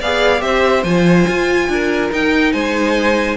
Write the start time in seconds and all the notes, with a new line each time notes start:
0.00 B3 G#4 D5 F5
0.40 C4 G4 C5 E5
0.84 F3 F4 G#5
1.28 F4
1.69 D4 A#4
2.12 D#4 G5
2.53 G#3 C5 G#5